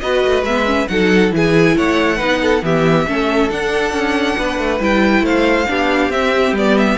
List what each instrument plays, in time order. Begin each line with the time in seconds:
0.00 cello B3, viola F#4, violin B4 D#5
0.25 cello A3
0.42 cello G#3, viola B3, violin E5
0.65 viola C#4
0.87 cello F#3, viola D#4, violin A4 F#5
1.30 cello E3, viola E4, violin G#4 G#5
1.77 cello A3, violin C#5 F#5
2.16 cello B3, viola D#4, violin B4
2.41 violin A4
2.62 cello E3, viola B3, violin G4 E5
3.07 cello A3, viola C#4, violin A4
3.49 viola D4, cello D4, violin F#5
3.92 cello C#4
4.37 cello B3, violin B4
4.58 cello A3
4.79 cello G3, viola E4, violin G5
5.21 cello A3, violin C5 F5
5.67 cello B3, viola D4, violin G4
6.09 cello C4, viola C4, violin E5
6.52 cello G3, viola B3, violin D5
6.77 violin E5